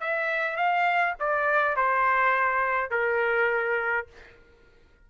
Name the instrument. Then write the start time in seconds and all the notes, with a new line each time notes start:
trumpet
0.00 E5
0.56 F5
1.19 D5
1.76 C5
2.90 A#4